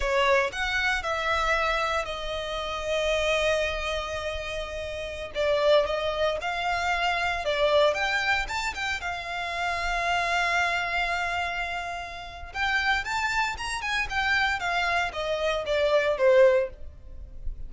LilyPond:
\new Staff \with { instrumentName = "violin" } { \time 4/4 \tempo 4 = 115 cis''4 fis''4 e''2 | dis''1~ | dis''2~ dis''16 d''4 dis''8.~ | dis''16 f''2 d''4 g''8.~ |
g''16 a''8 g''8 f''2~ f''8.~ | f''1 | g''4 a''4 ais''8 gis''8 g''4 | f''4 dis''4 d''4 c''4 | }